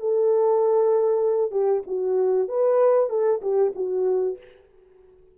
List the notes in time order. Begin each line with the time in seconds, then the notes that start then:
0.00 A4
1.51 G4
1.87 F#4
2.49 B4
3.10 A4
3.42 G4
3.75 F#4